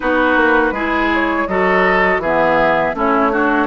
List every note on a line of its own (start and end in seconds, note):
0.00 0.36 B3
0.00 0.74 D#4
0.00 0.74 F#4
0.00 1.09 B4
0.36 0.71 A#3
0.71 1.45 G#3
0.71 1.48 E4
0.71 1.48 G#4
1.14 1.47 C#5
1.47 2.18 F#3
1.47 2.23 F#4
1.47 2.21 A4
1.47 2.21 D#5
2.18 2.92 E3
2.18 2.95 G#4
2.18 2.96 E5
2.24 2.94 B3
2.94 3.67 A3
2.94 3.31 C#4
2.94 3.32 E4
2.94 3.67 C#5
3.31 3.67 D4
3.31 3.67 F#4